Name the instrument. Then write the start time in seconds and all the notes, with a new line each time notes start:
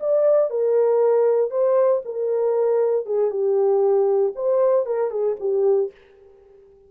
horn
0.00 D5
0.50 A#4
1.51 C5
2.05 A#4
3.06 G#4
3.31 G4
4.36 C5
4.86 A#4
5.11 G#4
5.40 G4